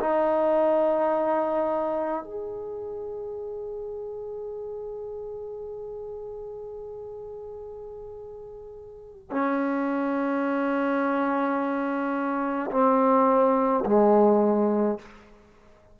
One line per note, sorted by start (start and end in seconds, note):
0.00 2.24 D#4
2.24 9.30 G#4
9.30 12.70 C#4
12.71 13.84 C4
13.85 14.98 G#3